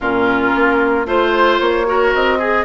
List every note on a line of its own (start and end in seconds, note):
0.00 0.53 A#2
0.00 1.05 C#4
0.00 1.06 F4
0.00 1.07 A#4
0.54 1.05 A#3
1.05 1.59 A3
1.05 1.85 F4
1.05 1.86 C5
1.05 1.60 C5
1.60 2.13 A#3
1.60 2.13 C#5
1.85 2.38 F#4
1.85 2.38 A#4
2.13 2.64 C4
2.13 2.64 D#5
2.38 2.64 G#4